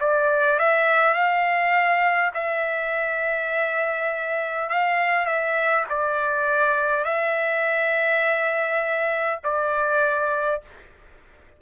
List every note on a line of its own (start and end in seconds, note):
0.00 0.58 D5
0.58 1.13 E5
1.13 2.31 F5
2.34 4.69 E5
4.69 5.26 F5
5.26 5.84 E5
5.89 7.04 D5
7.04 9.40 E5
9.43 10.61 D5